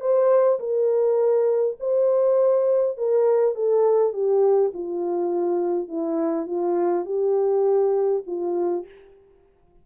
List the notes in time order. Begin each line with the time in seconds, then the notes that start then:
0.00 C5
0.59 A#4
1.80 C5
2.97 A#4
3.55 A4
4.13 G4
4.74 F4
5.88 E4
6.46 F4
7.05 G4
8.26 F4